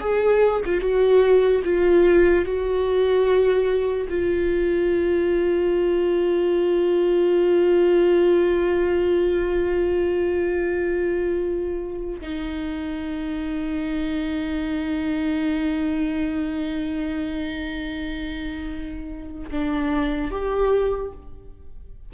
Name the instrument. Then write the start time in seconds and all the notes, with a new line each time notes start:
viola
0.00 G#4
0.65 F4
0.80 F#4
1.64 F4
2.45 F#4
4.09 F4
12.20 D#4
19.51 D4
20.31 G4